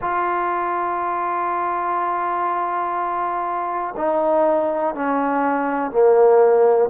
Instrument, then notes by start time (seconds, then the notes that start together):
trombone
0.01 F4
3.97 D#4
4.94 C#4
5.91 A#3